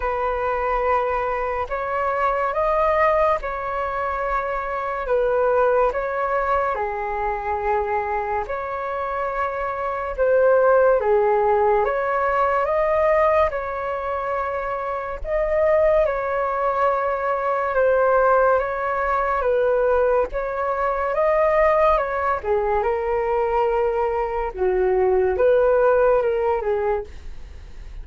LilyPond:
\new Staff \with { instrumentName = "flute" } { \time 4/4 \tempo 4 = 71 b'2 cis''4 dis''4 | cis''2 b'4 cis''4 | gis'2 cis''2 | c''4 gis'4 cis''4 dis''4 |
cis''2 dis''4 cis''4~ | cis''4 c''4 cis''4 b'4 | cis''4 dis''4 cis''8 gis'8 ais'4~ | ais'4 fis'4 b'4 ais'8 gis'8 | }